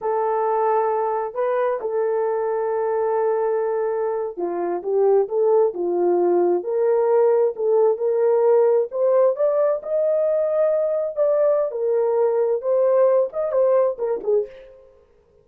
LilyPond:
\new Staff \with { instrumentName = "horn" } { \time 4/4 \tempo 4 = 133 a'2. b'4 | a'1~ | a'4.~ a'16 f'4 g'4 a'16~ | a'8. f'2 ais'4~ ais'16~ |
ais'8. a'4 ais'2 c''16~ | c''8. d''4 dis''2~ dis''16~ | dis''8. d''4~ d''16 ais'2 | c''4. dis''8 c''4 ais'8 gis'8 | }